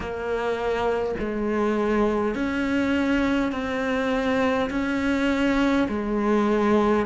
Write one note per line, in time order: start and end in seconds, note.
0.00 1.15 A#3
1.19 2.35 G#3
2.35 3.52 C#4
3.52 4.70 C4
4.70 5.87 C#4
5.88 7.06 G#3